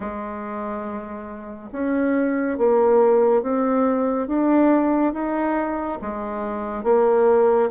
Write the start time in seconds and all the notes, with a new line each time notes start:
0.00 G#3
1.72 C#4
2.58 A#3
3.42 C4
4.27 D4
5.13 D#4
6.01 G#3
6.83 A#3